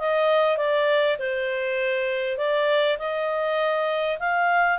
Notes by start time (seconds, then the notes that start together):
0.00 D#5
0.58 D5
1.19 C5
2.38 D5
2.99 D#5
4.19 F5